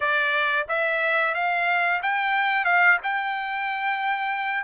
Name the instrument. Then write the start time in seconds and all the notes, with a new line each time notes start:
trumpet
0.00 D5
0.68 E5
1.34 F5
2.02 G5
2.64 F5
3.03 G5